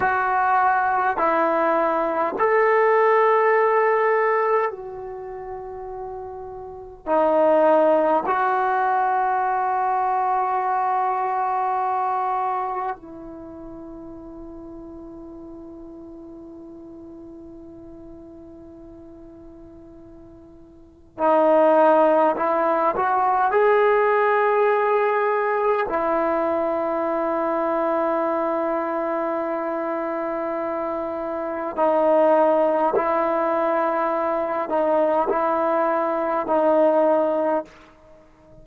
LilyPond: \new Staff \with { instrumentName = "trombone" } { \time 4/4 \tempo 4 = 51 fis'4 e'4 a'2 | fis'2 dis'4 fis'4~ | fis'2. e'4~ | e'1~ |
e'2 dis'4 e'8 fis'8 | gis'2 e'2~ | e'2. dis'4 | e'4. dis'8 e'4 dis'4 | }